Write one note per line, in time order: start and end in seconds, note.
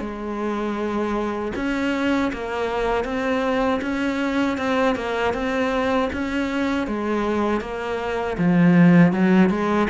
0.00 1.52 G#3
1.55 2.31 C#4
2.33 3.04 A#3
3.04 3.80 C4
3.81 4.57 C#4
4.57 4.95 C4
4.95 5.33 A#3
5.33 6.09 C4
6.13 6.87 C#4
6.87 7.61 G#3
7.61 8.37 A#3
8.38 9.12 F3
9.12 9.49 F#3
9.49 9.87 G#3